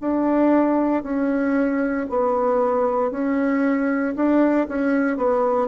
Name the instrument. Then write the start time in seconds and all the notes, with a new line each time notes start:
bassoon
0.00 D4
1.03 C#4
2.09 B3
3.11 C#4
4.15 D4
4.68 C#4
5.17 B3